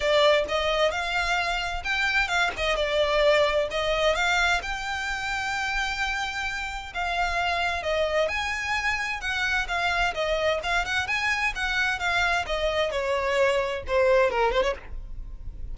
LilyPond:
\new Staff \with { instrumentName = "violin" } { \time 4/4 \tempo 4 = 130 d''4 dis''4 f''2 | g''4 f''8 dis''8 d''2 | dis''4 f''4 g''2~ | g''2. f''4~ |
f''4 dis''4 gis''2 | fis''4 f''4 dis''4 f''8 fis''8 | gis''4 fis''4 f''4 dis''4 | cis''2 c''4 ais'8 c''16 cis''16 | }